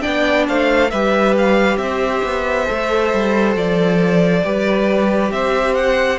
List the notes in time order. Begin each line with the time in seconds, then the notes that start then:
0.00 B3 D4 D5 G5
0.48 A3 C5 F5
0.90 G3 G4 B4 E5
1.37 F5
1.77 C4 C5 E5
2.23 B3
2.66 A3 A4
3.13 G3
3.56 F3 D5
4.44 G3 G4 B4
5.31 C4 C5 E5
5.75 F#5